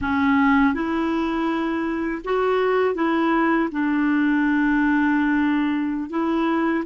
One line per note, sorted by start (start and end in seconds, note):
0.01 0.74 C#4
0.74 2.22 E4
2.24 2.95 F#4
2.95 3.69 E4
3.71 6.09 D4
6.09 6.84 E4